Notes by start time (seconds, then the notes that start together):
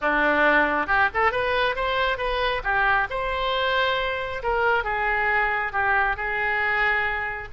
0.01 D4
0.86 G4
1.14 A4
1.31 B4
1.75 C5
2.17 B4
2.63 G4
3.10 C5
4.42 A#4
4.84 G#4
5.72 G4
6.16 G#4